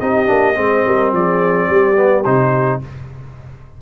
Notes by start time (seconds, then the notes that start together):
0.00 C4 D#4 G4 D#5
0.26 A#3 D4
0.55 G#3 C4 C5
0.86 G3 A#4
1.12 F3 G#4 D5
1.68 G3 G4
1.96 B3
2.24 C3 D#4 C5